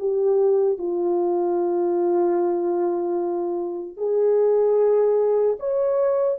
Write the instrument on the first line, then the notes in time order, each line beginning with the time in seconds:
horn
0.00 G4
0.79 F4
3.97 G#4
5.60 C#5